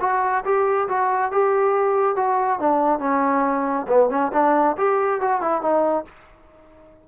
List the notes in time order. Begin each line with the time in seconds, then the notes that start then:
0.00 F#4
0.44 G4
0.88 F#4
1.31 G4
2.16 F#4
2.59 D4
2.99 C#4
3.88 B3
4.09 C#4
4.32 D4
4.77 G4
5.20 F#4
5.41 E4
5.61 D#4